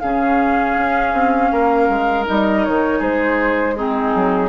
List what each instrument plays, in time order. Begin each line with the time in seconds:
0.00 bassoon C#3, clarinet C#4, oboe G#4, flute F5
0.76 bassoon C#4
1.13 bassoon C4
1.51 bassoon A#3, oboe A#4
1.89 bassoon G#3
2.25 bassoon G3, clarinet D#4, flute D#5
2.65 bassoon D#3, flute C#5
2.99 bassoon G#3, oboe G#4, flute C5
3.77 clarinet C4, oboe D#4, flute G#4
4.15 bassoon F#3